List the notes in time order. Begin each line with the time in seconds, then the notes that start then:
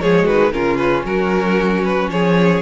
0.00 F3 G#3 G#4 C#5
0.24 D#3 F#4 B4
0.53 C#3 C#4 F4 A#4
0.77 B4
1.05 F#3 F#4 A#4
1.84 B4
2.09 F3 G#4 C#5